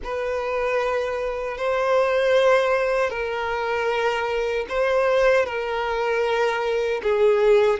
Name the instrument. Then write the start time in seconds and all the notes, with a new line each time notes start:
violin
0.03 B4
1.57 C5
3.10 A#4
4.69 C5
5.45 A#4
7.02 G#4